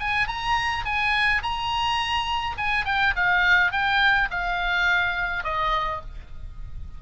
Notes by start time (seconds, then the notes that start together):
0.00 G#5
0.28 A#5
0.85 G#5
1.43 A#5
2.58 G#5
2.85 G5
3.16 F5
3.72 G5
4.31 F5
5.44 D#5